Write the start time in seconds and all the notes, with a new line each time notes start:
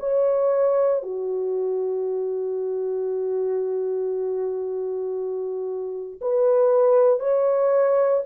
0.00 C#5
1.03 F#4
6.22 B4
7.20 C#5